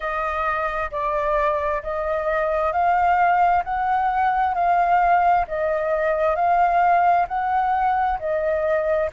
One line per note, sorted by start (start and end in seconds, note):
0.00 0.90 D#5
0.91 1.82 D5
1.82 2.72 D#5
2.72 3.63 F5
3.64 4.54 F#5
4.54 5.45 F5
5.47 6.35 D#5
6.35 7.26 F5
7.28 8.19 F#5
8.19 9.10 D#5